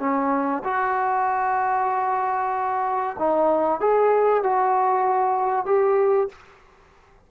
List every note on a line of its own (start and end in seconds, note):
0.00 0.63 C#4
0.64 3.17 F#4
3.19 3.81 D#4
3.81 4.44 G#4
4.44 5.66 F#4
5.66 6.29 G4